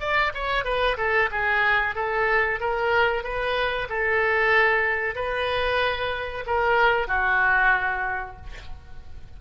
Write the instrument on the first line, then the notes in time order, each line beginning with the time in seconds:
oboe
0.00 D5
0.34 C#5
0.64 B4
0.97 A4
1.31 G#4
1.95 A4
2.60 A#4
3.23 B4
3.89 A4
5.15 B4
6.46 A#4
7.07 F#4